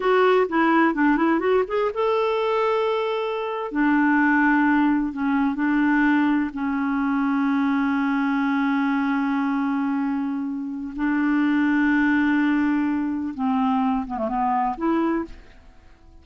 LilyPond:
\new Staff \with { instrumentName = "clarinet" } { \time 4/4 \tempo 4 = 126 fis'4 e'4 d'8 e'8 fis'8 gis'8 | a'2.~ a'8. d'16~ | d'2~ d'8. cis'4 d'16~ | d'4.~ d'16 cis'2~ cis'16~ |
cis'1~ | cis'2. d'4~ | d'1 | c'4. b16 a16 b4 e'4 | }